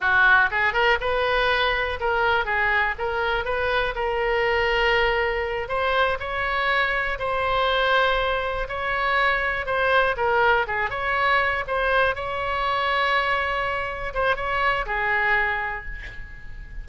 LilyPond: \new Staff \with { instrumentName = "oboe" } { \time 4/4 \tempo 4 = 121 fis'4 gis'8 ais'8 b'2 | ais'4 gis'4 ais'4 b'4 | ais'2.~ ais'8 c''8~ | c''8 cis''2 c''4.~ |
c''4. cis''2 c''8~ | c''8 ais'4 gis'8 cis''4. c''8~ | c''8 cis''2.~ cis''8~ | cis''8 c''8 cis''4 gis'2 | }